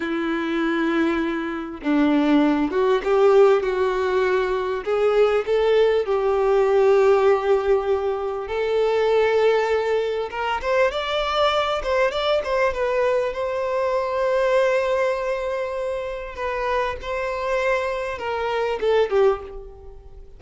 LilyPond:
\new Staff \with { instrumentName = "violin" } { \time 4/4 \tempo 4 = 99 e'2. d'4~ | d'8 fis'8 g'4 fis'2 | gis'4 a'4 g'2~ | g'2 a'2~ |
a'4 ais'8 c''8 d''4. c''8 | d''8 c''8 b'4 c''2~ | c''2. b'4 | c''2 ais'4 a'8 g'8 | }